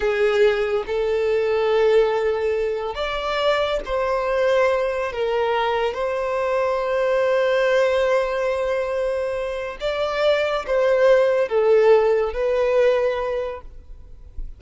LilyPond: \new Staff \with { instrumentName = "violin" } { \time 4/4 \tempo 4 = 141 gis'2 a'2~ | a'2. d''4~ | d''4 c''2. | ais'2 c''2~ |
c''1~ | c''2. d''4~ | d''4 c''2 a'4~ | a'4 b'2. | }